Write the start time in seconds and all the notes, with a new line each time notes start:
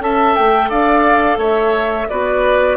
0.00 C#4 A4 E5 A5
0.35 A3 G5
0.70 D4 D5 F5
1.38 A3 C#5 E5
2.09 B3 F#4 B4 D5